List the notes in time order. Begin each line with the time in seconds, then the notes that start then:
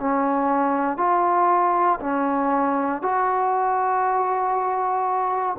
0.00 C#4
0.98 F4
2.01 C#4
3.02 F#4